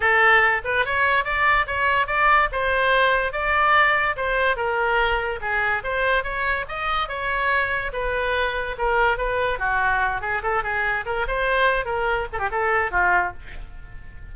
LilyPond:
\new Staff \with { instrumentName = "oboe" } { \time 4/4 \tempo 4 = 144 a'4. b'8 cis''4 d''4 | cis''4 d''4 c''2 | d''2 c''4 ais'4~ | ais'4 gis'4 c''4 cis''4 |
dis''4 cis''2 b'4~ | b'4 ais'4 b'4 fis'4~ | fis'8 gis'8 a'8 gis'4 ais'8 c''4~ | c''8 ais'4 a'16 g'16 a'4 f'4 | }